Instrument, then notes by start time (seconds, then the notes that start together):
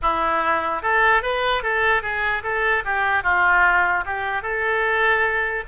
oboe
0.02 E4
0.82 A4
1.22 B4
1.62 A4
2.02 G#4
2.43 A4
2.85 G4
3.23 F4
4.05 G4
4.42 A4